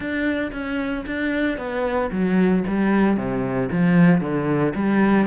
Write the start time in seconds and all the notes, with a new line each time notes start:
0.00 D4
0.52 C#4
1.06 D4
1.57 B3
2.11 F#3
2.67 G3
3.16 C3
3.71 F3
4.21 D3
4.75 G3